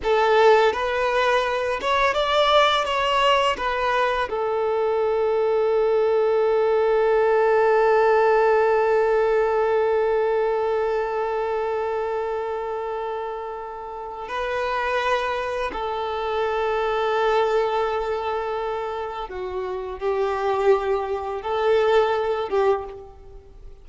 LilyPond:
\new Staff \with { instrumentName = "violin" } { \time 4/4 \tempo 4 = 84 a'4 b'4. cis''8 d''4 | cis''4 b'4 a'2~ | a'1~ | a'1~ |
a'1 | b'2 a'2~ | a'2. fis'4 | g'2 a'4. g'8 | }